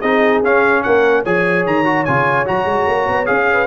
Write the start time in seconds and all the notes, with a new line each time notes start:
0.00 C4 D#4 G#4 D#5
0.43 C#4 F5
0.83 A#3 A#4 F#5
1.23 F3 G#4 C#5 G#5
1.65 D#3 A#5
1.84 F#4
2.05 C#3 F4 G#5
2.45 F#3 F#4 A#5
2.65 G#3
2.86 A#3
3.08 B3
3.26 C#4 G#4 F5
3.52 B4